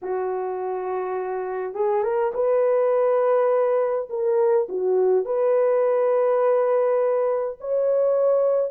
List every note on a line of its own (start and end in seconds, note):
0.02 1.74 F#4
1.74 2.03 G#4
2.03 2.32 A#4
2.34 4.08 B4
4.09 4.67 A#4
4.68 5.25 F#4
5.25 7.58 B4
7.60 8.71 C#5